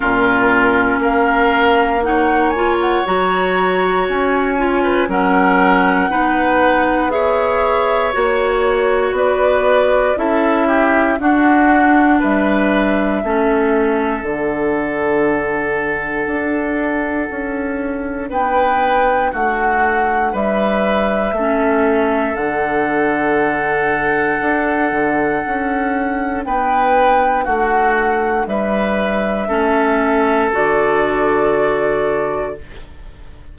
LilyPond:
<<
  \new Staff \with { instrumentName = "flute" } { \time 4/4 \tempo 4 = 59 ais'4 f''4 fis''8 gis''16 fis''16 ais''4 | gis''4 fis''2 e''4 | cis''4 d''4 e''4 fis''4 | e''2 fis''2~ |
fis''2 g''4 fis''4 | e''2 fis''2~ | fis''2 g''4 fis''4 | e''2 d''2 | }
  \new Staff \with { instrumentName = "oboe" } { \time 4/4 f'4 ais'4 cis''2~ | cis''8. b'16 ais'4 b'4 cis''4~ | cis''4 b'4 a'8 g'8 fis'4 | b'4 a'2.~ |
a'2 b'4 fis'4 | b'4 a'2.~ | a'2 b'4 fis'4 | b'4 a'2. | }
  \new Staff \with { instrumentName = "clarinet" } { \time 4/4 cis'2 dis'8 f'8 fis'4~ | fis'8 f'8 cis'4 dis'4 gis'4 | fis'2 e'4 d'4~ | d'4 cis'4 d'2~ |
d'1~ | d'4 cis'4 d'2~ | d'1~ | d'4 cis'4 fis'2 | }
  \new Staff \with { instrumentName = "bassoon" } { \time 4/4 ais,4 ais2 fis4 | cis'4 fis4 b2 | ais4 b4 cis'4 d'4 | g4 a4 d2 |
d'4 cis'4 b4 a4 | g4 a4 d2 | d'8 d8 cis'4 b4 a4 | g4 a4 d2 | }
>>